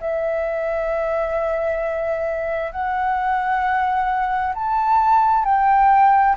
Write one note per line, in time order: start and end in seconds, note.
0.00 2.71 E5
2.71 4.53 F#5
4.55 5.45 A5
5.45 6.36 G5